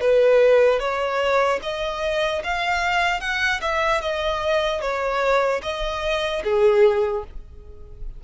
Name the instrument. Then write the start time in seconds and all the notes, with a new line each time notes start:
violin
0.00 B4
0.79 C#5
1.62 D#5
2.43 F5
3.20 F#5
3.61 E5
4.01 D#5
4.81 C#5
5.62 D#5
6.44 G#4